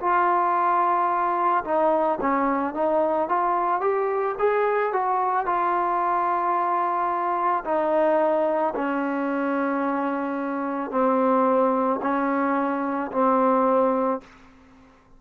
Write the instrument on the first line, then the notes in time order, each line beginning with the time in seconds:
trombone
0.00 F4
1.64 D#4
2.21 C#4
2.74 D#4
3.28 F4
3.81 G4
4.39 G#4
4.93 F#4
5.46 F4
7.65 D#4
8.75 C#4
10.91 C4
12.02 C#4
13.12 C4